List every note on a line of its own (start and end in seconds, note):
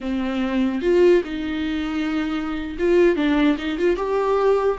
0.01 0.81 C4
0.81 1.22 F4
1.24 2.77 D#4
2.79 3.16 F4
3.16 3.56 D4
3.58 3.78 D#4
3.78 3.96 F4
3.96 4.78 G4